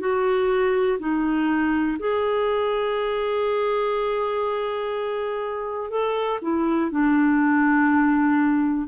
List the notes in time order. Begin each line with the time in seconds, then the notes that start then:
0.00 F#4
0.99 D#4
1.99 G#4
5.91 A4
6.42 E4
6.91 D4